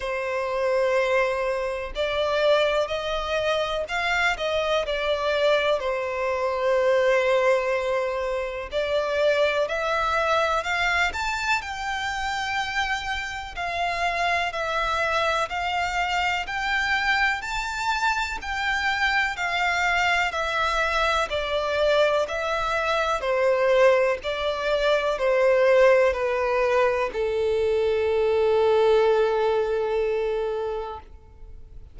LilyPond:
\new Staff \with { instrumentName = "violin" } { \time 4/4 \tempo 4 = 62 c''2 d''4 dis''4 | f''8 dis''8 d''4 c''2~ | c''4 d''4 e''4 f''8 a''8 | g''2 f''4 e''4 |
f''4 g''4 a''4 g''4 | f''4 e''4 d''4 e''4 | c''4 d''4 c''4 b'4 | a'1 | }